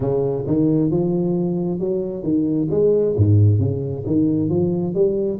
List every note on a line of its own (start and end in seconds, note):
0.00 0.45 C#3
0.46 0.90 D#3
0.90 1.79 F3
1.79 2.23 F#3
2.23 2.68 D#3
2.70 3.15 G#3
3.16 3.59 G#2
3.59 4.03 C#3
4.06 4.49 D#3
4.49 4.94 F3
4.94 5.39 G3